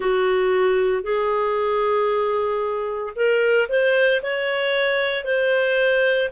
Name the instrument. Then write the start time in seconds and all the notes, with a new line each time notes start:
clarinet
0.00 F#4
1.03 G#4
3.15 A#4
3.68 C5
4.22 C#5
5.24 C5